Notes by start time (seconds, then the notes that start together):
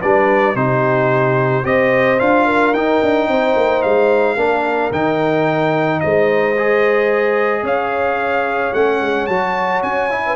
0.00 G3 D4 B4 D5
0.55 C3 D#4 G4 C5
1.63 C4 G4 C5 D#5
2.19 D4 F4 F5
2.45 A#4
2.73 D#4 G5
3.02 D4
3.27 C4 C5
3.56 A#3
3.82 G#3 F5
4.36 A#3 D4 A#4
4.91 D#3 D#4 G5
6.00 G#3 C5 D#5
6.57 G#4
7.62 C#4 C#5 F5
8.73 A3 C#4 F#5
9.00 G#3
9.26 F#3 F#4 A5
9.82 C#4 G#5
10.10 E4
10.26 B4